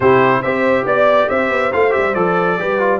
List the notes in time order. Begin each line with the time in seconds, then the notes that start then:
0.00 C3 E4 G4 C5
0.41 C4 G4 C5 E5
0.84 B3 D5
1.29 C4 C5 E5
1.50 B3
1.72 A3 F4 F5
1.90 G4 E5
1.97 G3
2.14 F3 A4 D5
2.58 G3 G4 B4
2.79 F4